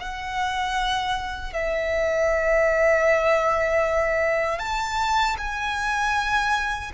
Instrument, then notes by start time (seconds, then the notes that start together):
violin
0.00 F#5
1.53 E5
4.60 A5
5.38 G#5